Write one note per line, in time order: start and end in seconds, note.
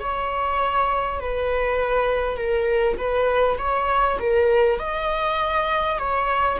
0.00 1.19 C#5
1.19 2.37 B4
2.37 2.97 A#4
2.97 3.57 B4
3.58 4.18 C#5
4.19 4.79 A#4
4.79 5.99 D#5
5.99 6.59 C#5